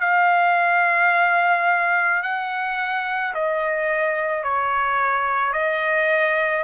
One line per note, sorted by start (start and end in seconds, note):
0.00 2.22 F5
2.22 3.33 F#5
3.34 4.43 D#5
4.43 5.53 C#5
5.53 6.63 D#5